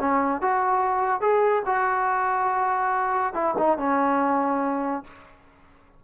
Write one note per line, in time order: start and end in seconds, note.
0.00 0.42 C#4
0.42 1.21 F#4
1.21 1.63 G#4
1.66 3.34 F#4
3.34 3.55 E4
3.58 3.78 D#4
3.78 5.04 C#4